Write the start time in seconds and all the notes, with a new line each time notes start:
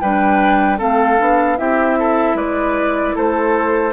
0.00 G3 D4 B4 G5
0.78 A3 C4 A4 F5
1.18 B3 D4
1.57 C4 E4 G4 E5
1.99 A4
2.35 G#3 B4 D5
3.15 A3 A4 C5